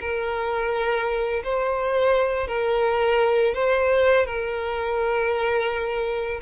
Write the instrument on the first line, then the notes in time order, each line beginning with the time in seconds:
violin
0.00 A#4
1.44 C5
2.47 A#4
3.55 C5
4.26 A#4